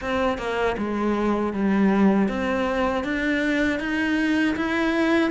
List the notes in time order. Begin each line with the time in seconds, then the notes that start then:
0.01 C4
0.38 A#3
0.77 G#3
1.53 G3
2.28 C4
3.04 D4
3.79 D#4
4.56 E4